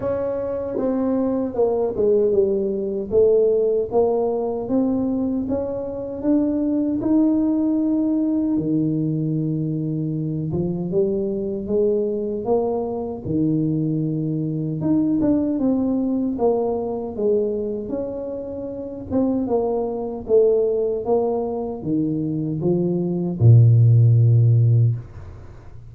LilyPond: \new Staff \with { instrumentName = "tuba" } { \time 4/4 \tempo 4 = 77 cis'4 c'4 ais8 gis8 g4 | a4 ais4 c'4 cis'4 | d'4 dis'2 dis4~ | dis4. f8 g4 gis4 |
ais4 dis2 dis'8 d'8 | c'4 ais4 gis4 cis'4~ | cis'8 c'8 ais4 a4 ais4 | dis4 f4 ais,2 | }